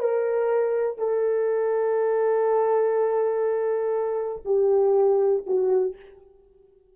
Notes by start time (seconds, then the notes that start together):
0.00 A#4
0.98 A4
4.45 G4
5.47 F#4